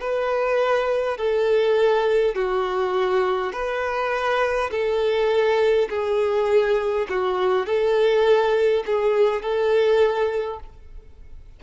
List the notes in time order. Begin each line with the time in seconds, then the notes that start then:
0.00 B4
1.17 A4
2.35 F#4
3.52 B4
4.71 A4
5.89 G#4
7.09 F#4
7.66 A4
8.86 G#4
9.42 A4